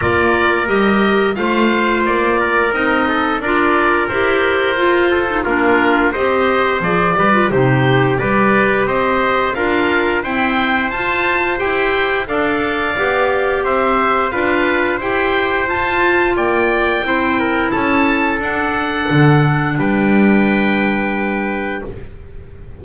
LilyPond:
<<
  \new Staff \with { instrumentName = "oboe" } { \time 4/4 \tempo 4 = 88 d''4 dis''4 f''4 d''4 | dis''4 d''4 c''2 | ais'4 dis''4 d''4 c''4 | d''4 dis''4 f''4 g''4 |
a''4 g''4 f''2 | e''4 f''4 g''4 a''4 | g''2 a''4 fis''4~ | fis''4 g''2. | }
  \new Staff \with { instrumentName = "trumpet" } { \time 4/4 ais'2 c''4. ais'8~ | ais'8 a'8 ais'2~ ais'8 a'8 | f'4 c''4. b'8 g'4 | b'4 c''4 ais'4 c''4~ |
c''2 d''2 | c''4 b'4 c''2 | d''4 c''8 ais'8 a'2~ | a'4 b'2. | }
  \new Staff \with { instrumentName = "clarinet" } { \time 4/4 f'4 g'4 f'2 | dis'4 f'4 g'4 f'8. dis'16 | d'4 g'4 gis'8 g'16 f'16 dis'4 | g'2 f'4 c'4 |
f'4 g'4 a'4 g'4~ | g'4 f'4 g'4 f'4~ | f'4 e'2 d'4~ | d'1 | }
  \new Staff \with { instrumentName = "double bass" } { \time 4/4 ais4 g4 a4 ais4 | c'4 d'4 e'4 f'4 | ais4 c'4 f8 g8 c4 | g4 c'4 d'4 e'4 |
f'4 e'4 d'4 b4 | c'4 d'4 e'4 f'4 | ais4 c'4 cis'4 d'4 | d4 g2. | }
>>